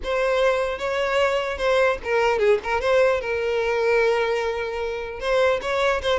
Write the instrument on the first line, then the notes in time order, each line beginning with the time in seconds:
violin
0.03 C5
0.78 C#5
1.57 C5
2.04 A#4
2.39 G#4
2.63 A#4
2.80 C5
3.20 A#4
5.20 C5
5.61 C#5
6.02 C5